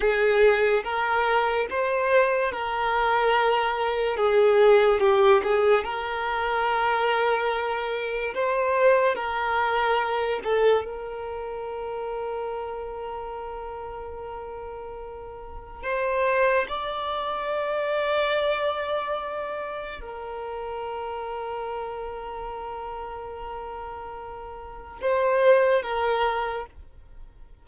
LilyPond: \new Staff \with { instrumentName = "violin" } { \time 4/4 \tempo 4 = 72 gis'4 ais'4 c''4 ais'4~ | ais'4 gis'4 g'8 gis'8 ais'4~ | ais'2 c''4 ais'4~ | ais'8 a'8 ais'2.~ |
ais'2. c''4 | d''1 | ais'1~ | ais'2 c''4 ais'4 | }